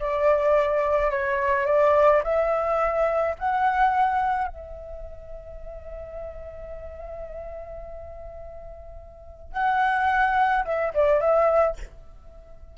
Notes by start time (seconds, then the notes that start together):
0.00 D5
1.11 C#5
1.67 D5
2.24 E5
3.39 F#5
4.49 E5
9.53 F#5
10.65 E5
10.95 D5
11.21 E5